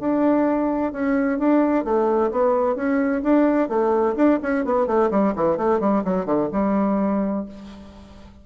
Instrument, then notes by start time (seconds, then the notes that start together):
bassoon
0.00 D4
0.93 C#4
1.39 D4
1.85 A3
2.32 B3
2.76 C#4
3.24 D4
3.69 A3
4.16 D4
4.43 C#4
4.65 B3
4.87 A3
5.11 G3
5.36 E3
5.58 A3
5.80 G3
6.05 F#3
6.26 D3
6.53 G3